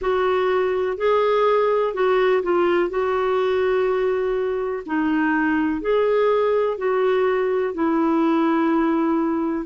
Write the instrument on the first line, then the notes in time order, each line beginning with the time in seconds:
clarinet
0.00 F#4
0.97 G#4
1.94 F#4
2.42 F4
2.89 F#4
4.86 D#4
5.81 G#4
6.77 F#4
7.74 E4